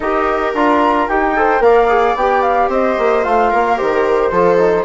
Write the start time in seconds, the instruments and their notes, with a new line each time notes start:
0.00 bassoon D#4, trombone G4, viola A#4, flute D#5
0.53 bassoon D4, trombone F4, flute A#5
1.08 bassoon D#4, trombone G4, flute G5
1.36 trombone A4, viola C5
1.60 bassoon A#3, trombone A#4, viola D5, flute F5
1.89 trombone G#4
2.14 bassoon B3, trombone G4, flute G5
2.42 flute F5
2.69 bassoon C4, viola C5, flute D#5
2.98 bassoon A#3
3.23 bassoon A3, trombone F4, flute F5
3.50 bassoon A#3, viola A#4
3.76 bassoon D#3, trombone G4, flute C5
4.31 bassoon F3, trombone F4, viola A4
4.58 trombone D#4